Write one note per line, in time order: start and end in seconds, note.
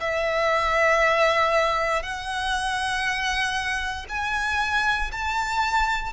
0.00 2.02 E5
2.02 4.05 F#5
4.09 5.10 G#5
5.11 6.12 A5